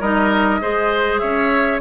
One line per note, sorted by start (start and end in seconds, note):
0.00 0.60 G3
0.00 0.61 D#4
0.00 0.60 A#4
0.00 1.19 D#5
0.61 1.22 G#3
0.61 1.81 G#4
0.61 1.21 C5
1.19 1.81 C#4
1.19 1.81 C#5
1.19 1.79 E5